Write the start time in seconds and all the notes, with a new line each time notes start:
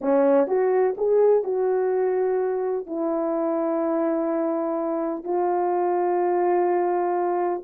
0.01 C#4
0.47 F#4
0.97 G#4
1.43 F#4
2.86 E4
5.24 F4